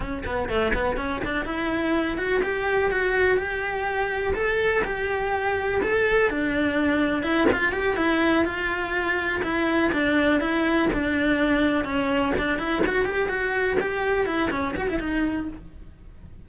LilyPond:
\new Staff \with { instrumentName = "cello" } { \time 4/4 \tempo 4 = 124 cis'8 b8 a8 b8 cis'8 d'8 e'4~ | e'8 fis'8 g'4 fis'4 g'4~ | g'4 a'4 g'2 | a'4 d'2 e'8 f'8 |
g'8 e'4 f'2 e'8~ | e'8 d'4 e'4 d'4.~ | d'8 cis'4 d'8 e'8 fis'8 g'8 fis'8~ | fis'8 g'4 e'8 cis'8 fis'16 e'16 dis'4 | }